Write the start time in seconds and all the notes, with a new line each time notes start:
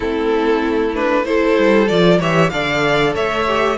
0.00 A3 C4 E4 A4
0.95 D4 B4
1.24 E4 A4 C5
1.58 G3
1.88 F3 F4 D5
2.19 E3 G4 C#5 E5
2.49 D3 A4 D5 F5
3.14 A3 C#5 E5
3.47 G4